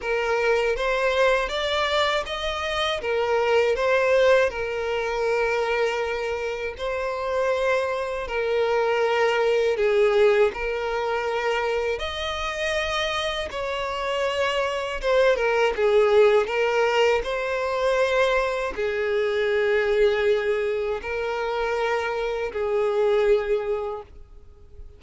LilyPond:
\new Staff \with { instrumentName = "violin" } { \time 4/4 \tempo 4 = 80 ais'4 c''4 d''4 dis''4 | ais'4 c''4 ais'2~ | ais'4 c''2 ais'4~ | ais'4 gis'4 ais'2 |
dis''2 cis''2 | c''8 ais'8 gis'4 ais'4 c''4~ | c''4 gis'2. | ais'2 gis'2 | }